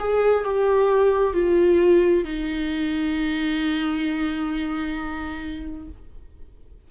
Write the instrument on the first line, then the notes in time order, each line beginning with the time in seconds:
viola
0.00 G#4
0.45 G4
1.34 F4
2.24 D#4